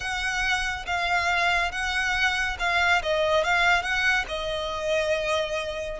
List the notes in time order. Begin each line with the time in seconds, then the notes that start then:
0.00 F#5
0.86 F5
1.71 F#5
2.59 F5
3.02 D#5
3.44 F5
3.82 F#5
4.28 D#5